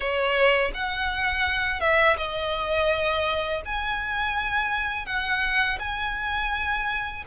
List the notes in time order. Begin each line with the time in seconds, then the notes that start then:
0.00 C#5
0.74 F#5
1.80 E5
2.17 D#5
3.65 G#5
5.06 F#5
5.79 G#5